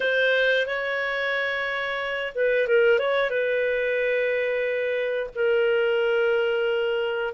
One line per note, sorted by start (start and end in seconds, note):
0.00 0.66 C5
0.66 2.33 C#5
2.35 2.67 B4
2.67 2.98 A#4
2.98 3.29 C#5
3.29 5.29 B4
5.35 7.34 A#4